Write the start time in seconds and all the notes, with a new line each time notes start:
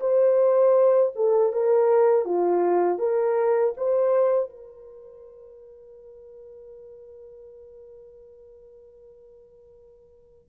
0.00 C5
1.15 A4
1.52 A#4
2.25 F4
2.98 A#4
3.76 C5
4.49 A#4